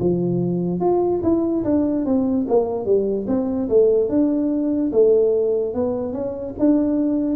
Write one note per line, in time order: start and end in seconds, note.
0.00 0.81 F3
0.81 1.22 F4
1.23 1.64 E4
1.65 2.06 D4
2.06 2.47 C4
2.49 2.86 A#3
2.86 3.27 G3
3.28 3.69 C4
3.69 4.10 A3
4.10 4.92 D4
4.93 5.75 A3
5.75 6.13 B3
6.13 6.55 C#4
6.59 7.37 D4